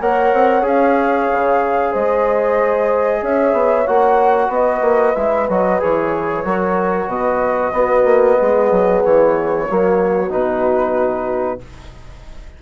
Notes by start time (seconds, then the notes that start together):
0.00 A#3 A#4 C#5 F#5
0.33 C4
0.62 C#4 G#4 F5
1.32 C#3
1.91 G#3 C5 D#5
3.21 C#4 C#5 E5
3.53 B3
3.87 A#3 F#4 F#5
4.48 B3 B4 D#5
4.81 A#3
5.15 G#3 E4 E5
5.49 F#3 F#4 D#5
5.79 E3 G#4 C#5
6.44 F#3 F#4 A#4
7.07 B2 B4 D#5
7.72 B3 F#4
8.04 A#3
8.38 G#3 G#4
8.71 F#3
9.03 E3 C#5
9.68 F#3 A#3 F#4
10.30 B2 D#4 B4